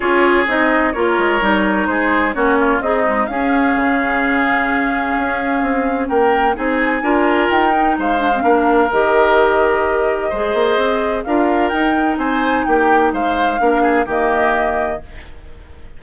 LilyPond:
<<
  \new Staff \with { instrumentName = "flute" } { \time 4/4 \tempo 4 = 128 cis''4 dis''4 cis''2 | c''4 cis''4 dis''4 f''4~ | f''1~ | f''4 g''4 gis''2 |
g''4 f''2 dis''4~ | dis''1 | f''4 g''4 gis''4 g''4 | f''2 dis''2 | }
  \new Staff \with { instrumentName = "oboe" } { \time 4/4 gis'2 ais'2 | gis'4 fis'8 f'8 dis'4 gis'4~ | gis'1~ | gis'4 ais'4 gis'4 ais'4~ |
ais'4 c''4 ais'2~ | ais'2 c''2 | ais'2 c''4 g'4 | c''4 ais'8 gis'8 g'2 | }
  \new Staff \with { instrumentName = "clarinet" } { \time 4/4 f'4 dis'4 f'4 dis'4~ | dis'4 cis'4 gis'8 gis8 cis'4~ | cis'1~ | cis'2 dis'4 f'4~ |
f'8 dis'4 d'16 c'16 d'4 g'4~ | g'2 gis'2 | f'4 dis'2.~ | dis'4 d'4 ais2 | }
  \new Staff \with { instrumentName = "bassoon" } { \time 4/4 cis'4 c'4 ais8 gis8 g4 | gis4 ais4 c'4 cis'4 | cis2. cis'4 | c'4 ais4 c'4 d'4 |
dis'4 gis4 ais4 dis4~ | dis2 gis8 ais8 c'4 | d'4 dis'4 c'4 ais4 | gis4 ais4 dis2 | }
>>